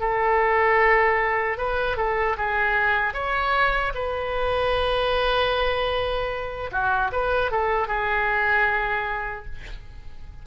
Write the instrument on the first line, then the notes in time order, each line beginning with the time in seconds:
oboe
0.00 A4
1.58 B4
1.97 A4
2.37 G#4
3.14 C#5
3.94 B4
6.71 F#4
7.12 B4
7.51 A4
7.87 G#4